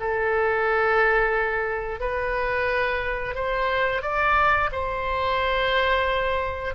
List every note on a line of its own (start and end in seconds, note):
0.00 2.00 A4
2.00 3.35 B4
3.35 4.02 C5
4.02 4.69 D5
4.72 6.74 C5